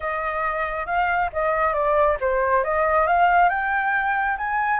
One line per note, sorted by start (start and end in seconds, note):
0.00 0.86 D#5
0.86 1.30 F5
1.32 1.73 D#5
1.73 2.17 D5
2.20 2.64 C5
2.64 3.07 D#5
3.07 3.49 F5
3.49 4.36 G5
4.37 4.80 G#5